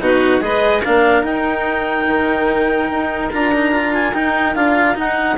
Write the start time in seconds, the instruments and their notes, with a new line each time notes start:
0.00 bassoon B2, cello D#4, violin F#4, clarinet B4
0.40 bassoon G#3, cello G#4, violin B4, clarinet D#5
0.83 bassoon A#3, cello D4, violin A#4, clarinet F5
1.23 bassoon D#4, cello D#4, clarinet G5
2.07 bassoon D#3
2.91 bassoon D#4
3.32 bassoon D4, cello F4, clarinet A#5
3.53 cello D#4
3.72 cello F4
3.94 clarinet G#5
4.14 bassoon D#4, cello D#4, clarinet G5
4.55 bassoon D4, cello F4, clarinet F5
4.95 cello D#4, bassoon D#4, clarinet F#5